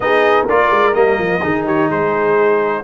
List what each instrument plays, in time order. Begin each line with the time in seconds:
0.00 tuba B3, trombone D#4, horn G#4, trumpet D#5
0.43 tuba A#3, trombone F4, horn A#4, trumpet D5
0.70 tuba G#3
0.93 tuba G3, trombone A#3, trumpet D#5
1.18 tuba F3
1.41 tuba D#3, trombone D#4, horn G#4
1.65 horn G4, trumpet C#5
1.86 tuba G#3, horn G#4, trumpet C5